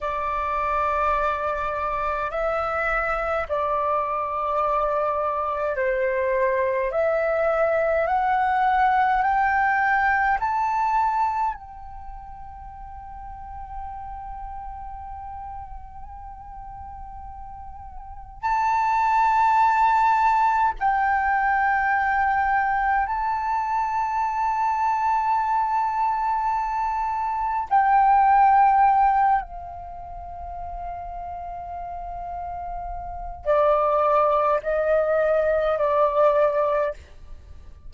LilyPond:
\new Staff \with { instrumentName = "flute" } { \time 4/4 \tempo 4 = 52 d''2 e''4 d''4~ | d''4 c''4 e''4 fis''4 | g''4 a''4 g''2~ | g''1 |
a''2 g''2 | a''1 | g''4. f''2~ f''8~ | f''4 d''4 dis''4 d''4 | }